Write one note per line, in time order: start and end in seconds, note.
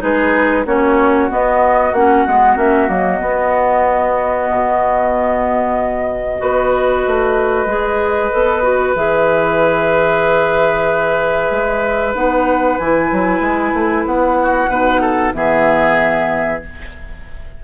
0.00 0.66 G#3
0.00 0.64 D#4
0.00 0.66 G#4
0.00 0.66 B4
0.66 1.29 A#3
0.66 1.30 C#4
0.66 6.40 F#4
0.66 1.31 C#5
1.30 1.94 B3
1.30 1.93 B3
1.30 1.94 D#5
1.93 2.25 A#3
1.93 2.27 C#4
1.93 2.58 F#5
2.27 2.57 G#3
2.27 2.57 B3
2.57 2.89 A#3
2.57 2.88 C#4
2.57 2.89 E5
2.88 3.21 F#3
2.88 3.18 A#3
2.88 8.96 D#5
3.18 6.37 B3
3.18 4.49 B3
4.51 6.41 B2
6.39 7.05 B3
6.39 7.66 F#4
6.39 14.38 B4
7.07 7.66 A3
7.66 8.30 G#3
7.66 8.32 G#4
8.32 8.96 B3
8.32 8.63 A4
8.63 8.95 F#4
8.96 11.51 E3
8.96 12.15 G#4
8.96 12.15 E5
11.51 12.15 G#3
12.15 12.79 B3
12.15 12.79 D#4
12.15 12.78 F#5
12.78 13.11 E3
12.78 14.70 E4
12.78 14.06 G#5
13.12 13.40 F#3
13.40 13.72 G#3
13.74 14.05 A3
14.06 14.68 B3
14.06 15.34 F#5
14.42 14.70 F#4
14.68 15.32 B2
14.68 15.33 D#4
14.68 15.01 B4
15.01 15.33 A4
15.33 16.62 E3
15.33 16.61 B3
15.33 16.64 G#4
15.33 16.62 E5